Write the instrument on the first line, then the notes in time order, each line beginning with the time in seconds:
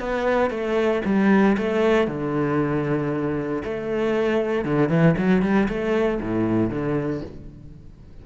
cello
0.00 B3
0.50 A3
1.05 G3
1.58 A3
2.08 D3
3.64 A3
4.65 D3
4.89 E3
5.18 F#3
5.42 G3
5.69 A3
6.22 A2
6.70 D3